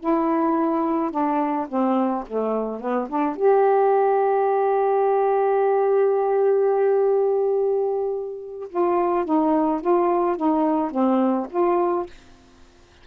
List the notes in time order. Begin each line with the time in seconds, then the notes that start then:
0.00 E4
1.11 D4
1.68 C4
2.27 A3
2.80 B3
3.09 D4
3.36 G4
8.69 F4
9.25 D#4
9.81 F4
10.36 D#4
10.91 C4
11.50 F4